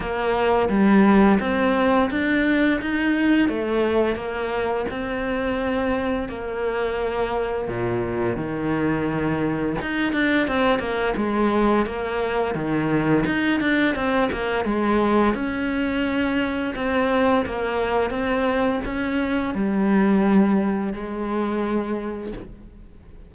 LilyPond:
\new Staff \with { instrumentName = "cello" } { \time 4/4 \tempo 4 = 86 ais4 g4 c'4 d'4 | dis'4 a4 ais4 c'4~ | c'4 ais2 ais,4 | dis2 dis'8 d'8 c'8 ais8 |
gis4 ais4 dis4 dis'8 d'8 | c'8 ais8 gis4 cis'2 | c'4 ais4 c'4 cis'4 | g2 gis2 | }